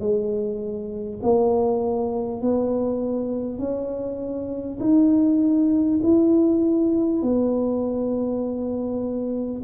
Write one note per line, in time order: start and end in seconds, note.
0.00 1.20 G#3
1.23 2.42 A#3
2.42 3.59 B3
3.59 4.79 C#4
4.80 6.00 D#4
6.03 7.23 E4
7.23 9.63 B3